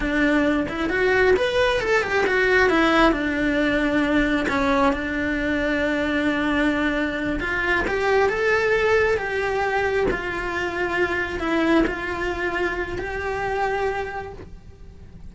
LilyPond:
\new Staff \with { instrumentName = "cello" } { \time 4/4 \tempo 4 = 134 d'4. e'8 fis'4 b'4 | a'8 g'8 fis'4 e'4 d'4~ | d'2 cis'4 d'4~ | d'1~ |
d'8 f'4 g'4 a'4.~ | a'8 g'2 f'4.~ | f'4. e'4 f'4.~ | f'4 g'2. | }